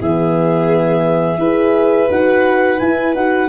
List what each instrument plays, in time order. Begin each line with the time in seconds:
0.00 tuba E3, horn B3, violin G#4, clarinet E5
1.37 tuba E4, horn G#4, violin B4
2.08 tuba D#4, horn F#4, clarinet F#5
2.79 horn E4, tuba E4, clarinet G#5
3.14 tuba D#4, horn F#4, clarinet F#5